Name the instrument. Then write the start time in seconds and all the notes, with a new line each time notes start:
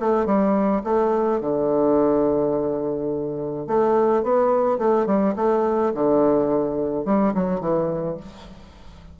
bassoon
0.00 A3
0.26 G3
0.84 A3
1.41 D3
3.67 A3
4.23 B3
4.79 A3
5.06 G3
5.36 A3
5.95 D3
7.05 G3
7.35 F#3
7.61 E3